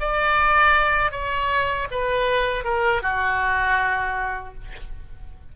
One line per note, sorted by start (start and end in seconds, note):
0.00 1.12 D5
1.12 1.87 C#5
1.91 2.64 B4
2.64 3.02 A#4
3.02 4.54 F#4